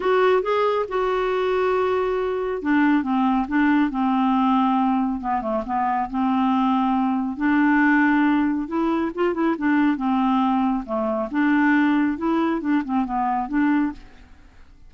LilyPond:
\new Staff \with { instrumentName = "clarinet" } { \time 4/4 \tempo 4 = 138 fis'4 gis'4 fis'2~ | fis'2 d'4 c'4 | d'4 c'2. | b8 a8 b4 c'2~ |
c'4 d'2. | e'4 f'8 e'8 d'4 c'4~ | c'4 a4 d'2 | e'4 d'8 c'8 b4 d'4 | }